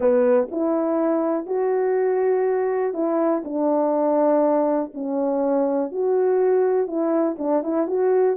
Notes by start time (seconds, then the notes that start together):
0.00 B3
0.51 E4
1.46 F#4
2.93 E4
3.44 D4
4.94 C#4
5.91 F#4
6.87 E4
7.38 D4
7.63 E4
7.87 F#4